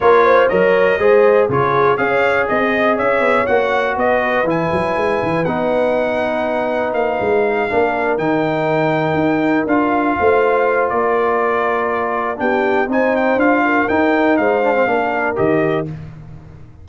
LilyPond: <<
  \new Staff \with { instrumentName = "trumpet" } { \time 4/4 \tempo 4 = 121 cis''4 dis''2 cis''4 | f''4 dis''4 e''4 fis''4 | dis''4 gis''2 fis''4~ | fis''2 f''2~ |
f''8 g''2. f''8~ | f''2 d''2~ | d''4 g''4 gis''8 g''8 f''4 | g''4 f''2 dis''4 | }
  \new Staff \with { instrumentName = "horn" } { \time 4/4 ais'8 c''8 cis''4 c''4 gis'4 | cis''4 dis''4 cis''2 | b'1~ | b'2.~ b'8 ais'8~ |
ais'1~ | ais'8 c''4. ais'2~ | ais'4 g'4 c''4. ais'8~ | ais'4 c''4 ais'2 | }
  \new Staff \with { instrumentName = "trombone" } { \time 4/4 f'4 ais'4 gis'4 f'4 | gis'2. fis'4~ | fis'4 e'2 dis'4~ | dis'2.~ dis'8 d'8~ |
d'8 dis'2. f'8~ | f'1~ | f'4 d'4 dis'4 f'4 | dis'4. d'16 c'16 d'4 g'4 | }
  \new Staff \with { instrumentName = "tuba" } { \time 4/4 ais4 fis4 gis4 cis4 | cis'4 c'4 cis'8 b8 ais4 | b4 e8 fis8 gis8 e8 b4~ | b2 ais8 gis4 ais8~ |
ais8 dis2 dis'4 d'8~ | d'8 a4. ais2~ | ais4 b4 c'4 d'4 | dis'4 gis4 ais4 dis4 | }
>>